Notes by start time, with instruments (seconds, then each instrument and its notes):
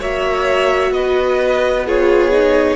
0.00 cello A#3, viola F#4, violin C#5 E5
0.91 cello B3, violin B4 D#5
1.86 viola F4, violin G#4 C#5
2.32 viola D#4